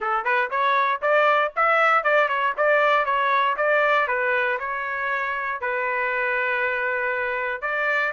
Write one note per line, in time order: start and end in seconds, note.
0.00 0.24 A4
0.24 0.49 B4
0.50 1.01 C#5
1.01 1.52 D5
1.56 2.03 E5
2.03 2.28 D5
2.28 2.53 C#5
2.57 3.05 D5
3.05 3.55 C#5
3.56 4.07 D5
4.07 4.58 B4
4.59 5.60 C#5
5.60 7.61 B4
7.61 8.12 D5